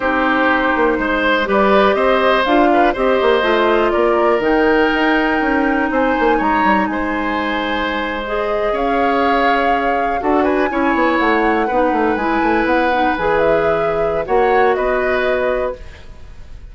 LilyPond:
<<
  \new Staff \with { instrumentName = "flute" } { \time 4/4 \tempo 4 = 122 c''2. d''4 | dis''4 f''4 dis''2 | d''4 g''2. | gis''4 ais''4 gis''2~ |
gis''8. dis''4 f''2~ f''16~ | f''8. fis''8 gis''4. fis''4~ fis''16~ | fis''8. gis''4 fis''4 gis''8 e''8.~ | e''4 fis''4 dis''2 | }
  \new Staff \with { instrumentName = "oboe" } { \time 4/4 g'2 c''4 b'4 | c''4. b'8 c''2 | ais'1 | c''4 cis''4 c''2~ |
c''4.~ c''16 cis''2~ cis''16~ | cis''8. a'8 b'8 cis''2 b'16~ | b'1~ | b'4 cis''4 b'2 | }
  \new Staff \with { instrumentName = "clarinet" } { \time 4/4 dis'2. g'4~ | g'4 f'4 g'4 f'4~ | f'4 dis'2.~ | dis'1~ |
dis'8. gis'2.~ gis'16~ | gis'8. fis'4 e'2 dis'16~ | dis'8. e'4. dis'8 gis'4~ gis'16~ | gis'4 fis'2. | }
  \new Staff \with { instrumentName = "bassoon" } { \time 4/4 c'4. ais8 gis4 g4 | c'4 d'4 c'8 ais8 a4 | ais4 dis4 dis'4 cis'4 | c'8 ais8 gis8 g8 gis2~ |
gis4.~ gis16 cis'2~ cis'16~ | cis'8. d'4 cis'8 b8 a4 b16~ | b16 a8 gis8 a8 b4 e4~ e16~ | e4 ais4 b2 | }
>>